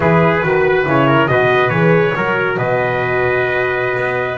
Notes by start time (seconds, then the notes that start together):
0.00 E3 E4 G#4 B4
0.43 D#3 F#4 B4
0.86 C#3 E4 C#5
1.07 A#4
1.27 B2 F#4 B4 D#5
1.69 E3 G#4 C#5
2.16 F#3 F#4 A#4
2.57 B2 B4 D#5
3.95 B3